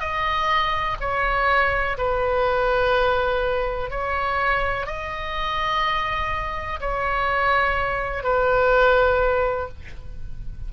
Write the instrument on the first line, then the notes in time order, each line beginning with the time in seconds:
oboe
0.00 D#5
1.00 C#5
1.98 B4
3.91 C#5
4.87 D#5
6.80 C#5
8.23 B4